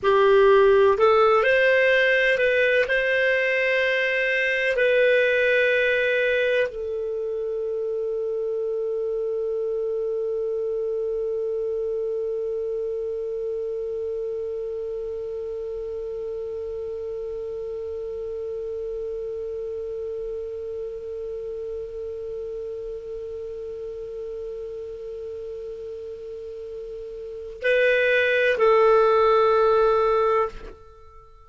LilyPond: \new Staff \with { instrumentName = "clarinet" } { \time 4/4 \tempo 4 = 63 g'4 a'8 c''4 b'8 c''4~ | c''4 b'2 a'4~ | a'1~ | a'1~ |
a'1~ | a'1~ | a'1~ | a'4 b'4 a'2 | }